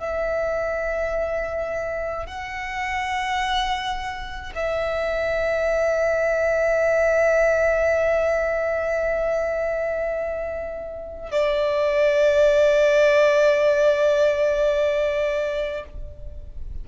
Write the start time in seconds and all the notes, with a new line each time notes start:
0.00 E5
2.26 F#5
4.55 E5
11.32 D5